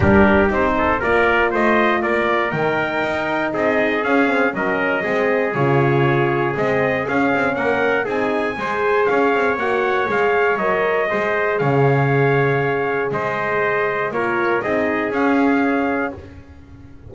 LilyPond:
<<
  \new Staff \with { instrumentName = "trumpet" } { \time 4/4 \tempo 4 = 119 ais'4 c''4 d''4 dis''4 | d''4 g''2 dis''4 | f''4 dis''2 cis''4~ | cis''4 dis''4 f''4 fis''4 |
gis''2 f''4 fis''4 | f''4 dis''2 f''4~ | f''2 dis''2 | cis''4 dis''4 f''2 | }
  \new Staff \with { instrumentName = "trumpet" } { \time 4/4 g'4. a'8 ais'4 c''4 | ais'2. gis'4~ | gis'4 ais'4 gis'2~ | gis'2. ais'4 |
gis'4 c''4 cis''2~ | cis''2 c''4 cis''4~ | cis''2 c''2 | ais'4 gis'2. | }
  \new Staff \with { instrumentName = "horn" } { \time 4/4 d'4 dis'4 f'2~ | f'4 dis'2. | cis'8 c'8 cis'4 c'4 f'4~ | f'4 c'4 cis'2 |
dis'4 gis'2 fis'4 | gis'4 ais'4 gis'2~ | gis'1 | f'4 dis'4 cis'2 | }
  \new Staff \with { instrumentName = "double bass" } { \time 4/4 g4 c'4 ais4 a4 | ais4 dis4 dis'4 c'4 | cis'4 fis4 gis4 cis4~ | cis4 gis4 cis'8 c'8 ais4 |
c'4 gis4 cis'8 c'8 ais4 | gis4 fis4 gis4 cis4~ | cis2 gis2 | ais4 c'4 cis'2 | }
>>